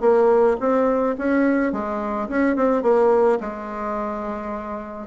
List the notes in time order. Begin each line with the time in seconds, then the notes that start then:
0.00 A#3
0.60 C4
1.18 C#4
1.72 G#3
2.28 C#4
2.56 C4
2.82 A#3
3.40 G#3